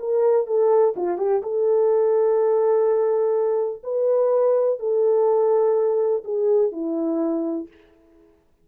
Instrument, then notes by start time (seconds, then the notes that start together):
horn
0.00 A#4
0.47 A4
0.97 F4
1.18 G4
1.43 A4
3.84 B4
4.80 A4
6.25 G#4
6.72 E4